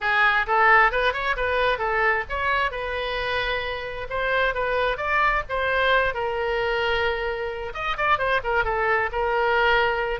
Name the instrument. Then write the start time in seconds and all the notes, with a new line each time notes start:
oboe
0.00 G#4
0.46 A4
0.91 B4
1.13 C#5
1.36 B4
1.78 A4
2.29 C#5
2.71 B4
4.09 C5
4.54 B4
4.97 D5
5.49 C5
6.14 A#4
7.74 D#5
7.97 D5
8.18 C5
8.43 A#4
8.64 A4
9.11 A#4